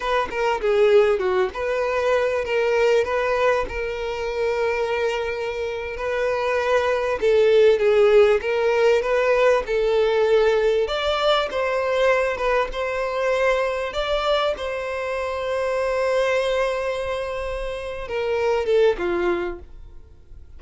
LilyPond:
\new Staff \with { instrumentName = "violin" } { \time 4/4 \tempo 4 = 98 b'8 ais'8 gis'4 fis'8 b'4. | ais'4 b'4 ais'2~ | ais'4.~ ais'16 b'2 a'16~ | a'8. gis'4 ais'4 b'4 a'16~ |
a'4.~ a'16 d''4 c''4~ c''16~ | c''16 b'8 c''2 d''4 c''16~ | c''1~ | c''4. ais'4 a'8 f'4 | }